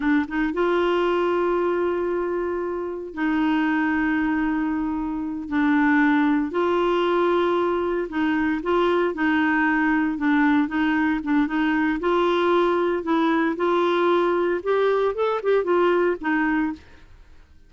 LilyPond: \new Staff \with { instrumentName = "clarinet" } { \time 4/4 \tempo 4 = 115 d'8 dis'8 f'2.~ | f'2 dis'2~ | dis'2~ dis'8 d'4.~ | d'8 f'2. dis'8~ |
dis'8 f'4 dis'2 d'8~ | d'8 dis'4 d'8 dis'4 f'4~ | f'4 e'4 f'2 | g'4 a'8 g'8 f'4 dis'4 | }